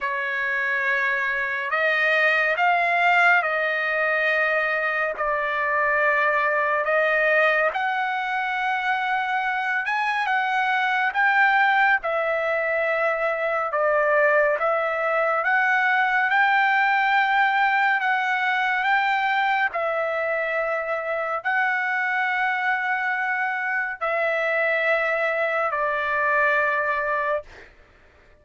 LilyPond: \new Staff \with { instrumentName = "trumpet" } { \time 4/4 \tempo 4 = 70 cis''2 dis''4 f''4 | dis''2 d''2 | dis''4 fis''2~ fis''8 gis''8 | fis''4 g''4 e''2 |
d''4 e''4 fis''4 g''4~ | g''4 fis''4 g''4 e''4~ | e''4 fis''2. | e''2 d''2 | }